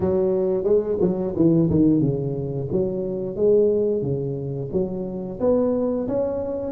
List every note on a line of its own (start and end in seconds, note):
0.00 0.63 F#3
0.63 0.97 G#3
1.01 1.34 F#3
1.36 1.69 E3
1.69 2.00 D#3
2.00 2.68 C#3
2.71 3.36 F#3
3.36 4.02 G#3
4.02 4.69 C#3
4.72 5.39 F#3
5.40 6.07 B3
6.08 6.72 C#4